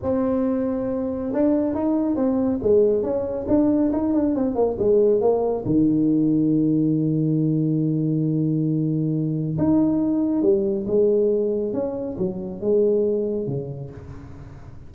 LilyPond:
\new Staff \with { instrumentName = "tuba" } { \time 4/4 \tempo 4 = 138 c'2. d'4 | dis'4 c'4 gis4 cis'4 | d'4 dis'8 d'8 c'8 ais8 gis4 | ais4 dis2.~ |
dis1~ | dis2 dis'2 | g4 gis2 cis'4 | fis4 gis2 cis4 | }